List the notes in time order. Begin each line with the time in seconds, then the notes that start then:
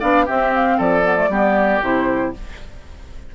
0.00 B3 D4 D5 F5
0.25 C4 G4 E5
0.54 F5
0.78 F3 A4 D5
1.03 B3
1.16 A3
1.29 G3 B3 G4
1.82 C3 E4 C5